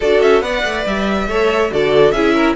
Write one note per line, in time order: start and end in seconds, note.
0.00 0.22 D4
0.00 0.43 F#4
0.00 0.42 A4
0.00 0.21 D5
0.21 0.41 C#4
0.21 0.41 E5
0.41 0.63 B3
0.41 1.29 B4
0.41 1.28 D5
0.41 0.84 F#5
0.64 0.85 A3
0.86 1.27 G3
0.86 1.72 E5
1.27 1.70 A3
1.27 1.71 A4
1.27 1.71 C#5
1.71 2.12 D3
1.71 2.13 F#4
1.71 2.14 A4
1.71 2.11 D5
2.11 2.55 C#4
2.11 2.56 E4
2.11 2.34 G#4
2.11 2.54 E5
2.34 2.55 A#4